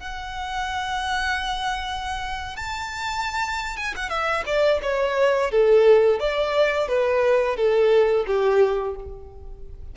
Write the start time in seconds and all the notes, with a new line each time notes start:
0.00 F#5
2.57 A5
3.77 G#5
3.97 F#5
4.09 E5
4.46 D5
4.82 C#5
5.51 A4
6.20 D5
6.88 B4
7.56 A4
8.27 G4